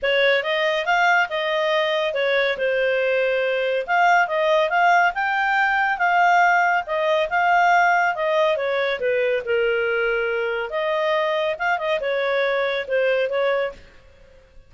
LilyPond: \new Staff \with { instrumentName = "clarinet" } { \time 4/4 \tempo 4 = 140 cis''4 dis''4 f''4 dis''4~ | dis''4 cis''4 c''2~ | c''4 f''4 dis''4 f''4 | g''2 f''2 |
dis''4 f''2 dis''4 | cis''4 b'4 ais'2~ | ais'4 dis''2 f''8 dis''8 | cis''2 c''4 cis''4 | }